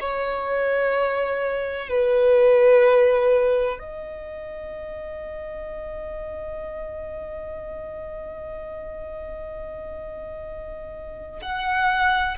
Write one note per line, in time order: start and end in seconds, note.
0.00 1.89 C#5
1.89 3.79 B4
3.79 11.41 D#5
11.42 12.37 F#5